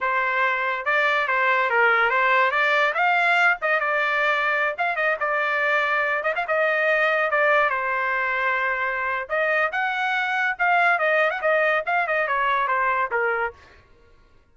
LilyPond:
\new Staff \with { instrumentName = "trumpet" } { \time 4/4 \tempo 4 = 142 c''2 d''4 c''4 | ais'4 c''4 d''4 f''4~ | f''8 dis''8 d''2~ d''16 f''8 dis''16~ | dis''16 d''2~ d''8 dis''16 f''16 dis''8.~ |
dis''4~ dis''16 d''4 c''4.~ c''16~ | c''2 dis''4 fis''4~ | fis''4 f''4 dis''8. fis''16 dis''4 | f''8 dis''8 cis''4 c''4 ais'4 | }